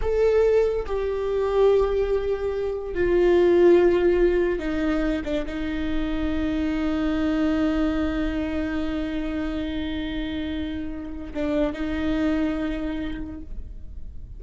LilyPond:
\new Staff \with { instrumentName = "viola" } { \time 4/4 \tempo 4 = 143 a'2 g'2~ | g'2. f'4~ | f'2. dis'4~ | dis'8 d'8 dis'2.~ |
dis'1~ | dis'1~ | dis'2. d'4 | dis'1 | }